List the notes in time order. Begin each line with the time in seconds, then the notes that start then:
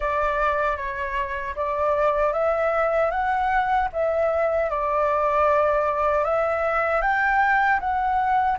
0.00 D5
0.76 C#5
1.55 D5
2.32 E5
3.10 F#5
3.92 E5
4.70 D5
6.24 E5
7.01 G5
7.80 F#5